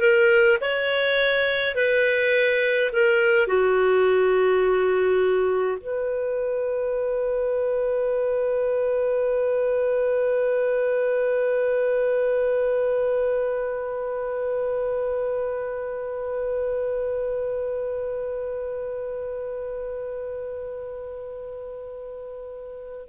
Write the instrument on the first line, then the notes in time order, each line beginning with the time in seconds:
clarinet
0.00 A#4
0.60 C#5
1.75 B4
2.92 A#4
3.47 F#4
5.81 B4